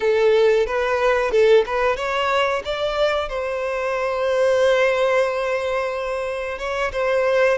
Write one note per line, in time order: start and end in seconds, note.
0.00 0.66 A4
0.66 1.31 B4
1.31 1.64 A4
1.66 1.96 B4
1.96 2.62 C#5
2.64 3.28 D5
3.28 6.58 C5
6.58 6.91 C#5
6.92 7.57 C5